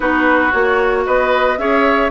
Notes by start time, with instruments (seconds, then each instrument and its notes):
0.00 bassoon B3, clarinet D#4, oboe F#4, flute B4
0.51 bassoon A#3, clarinet F#4, flute C#5
1.05 bassoon B3, oboe B4, flute D#5
1.58 bassoon C#4, clarinet G#4, oboe C#5, flute E5